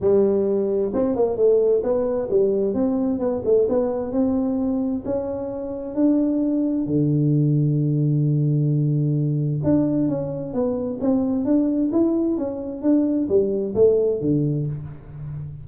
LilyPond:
\new Staff \with { instrumentName = "tuba" } { \time 4/4 \tempo 4 = 131 g2 c'8 ais8 a4 | b4 g4 c'4 b8 a8 | b4 c'2 cis'4~ | cis'4 d'2 d4~ |
d1~ | d4 d'4 cis'4 b4 | c'4 d'4 e'4 cis'4 | d'4 g4 a4 d4 | }